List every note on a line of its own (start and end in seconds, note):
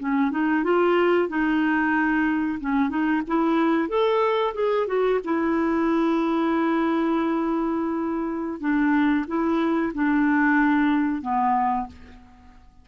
0.00 0.31 C#4
0.31 0.64 D#4
0.64 1.29 F4
1.29 2.59 D#4
2.61 2.90 C#4
2.90 3.22 D#4
3.28 3.89 E4
3.89 4.54 A4
4.55 4.87 G#4
4.87 5.20 F#4
5.25 8.61 E4
8.61 9.26 D4
9.28 9.93 E4
9.95 11.22 D4
11.22 11.87 B3